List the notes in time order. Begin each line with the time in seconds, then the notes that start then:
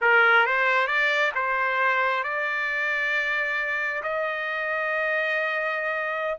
0.01 A#4
0.46 C5
0.87 D5
1.34 C5
2.23 D5
4.02 D#5